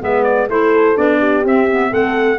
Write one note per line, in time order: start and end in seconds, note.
0.00 0.49 G#3
0.00 0.48 B3
0.00 0.50 B4
0.00 0.24 E5
0.24 0.48 D5
0.49 0.96 A3
0.49 0.96 E4
0.49 1.19 A4
0.49 0.98 C5
0.96 1.45 B3
0.96 1.44 D4
0.96 1.45 D5
1.19 1.90 G4
1.45 1.92 C4
1.45 1.69 C4
1.45 1.94 E5
1.71 1.89 B3
1.89 2.39 A3
1.89 2.37 C4
1.89 2.38 A4
1.89 2.39 F#5